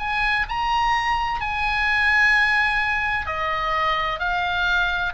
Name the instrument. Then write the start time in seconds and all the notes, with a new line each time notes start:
oboe
0.00 G#5
0.49 A#5
1.41 G#5
3.27 D#5
4.20 F5